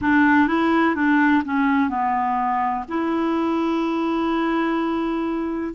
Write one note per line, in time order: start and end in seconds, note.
0.01 0.47 D4
0.47 0.95 E4
0.95 1.42 D4
1.44 1.89 C#4
1.89 2.84 B3
2.88 5.74 E4